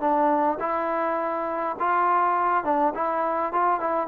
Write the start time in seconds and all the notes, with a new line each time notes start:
0.00 D4
0.60 E4
1.80 F4
2.64 D4
2.95 E4
3.52 F4
3.80 E4